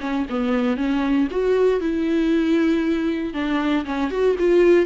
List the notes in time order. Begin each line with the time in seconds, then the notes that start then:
0.00 C#4
0.29 B3
0.77 C#4
1.31 F#4
1.80 E4
3.33 D4
3.85 C#4
4.10 F#4
4.38 F4